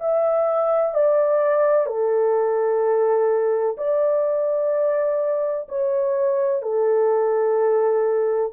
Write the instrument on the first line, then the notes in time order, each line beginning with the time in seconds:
horn
0.00 E5
0.94 D5
1.86 A4
3.77 D5
5.69 C#5
6.62 A4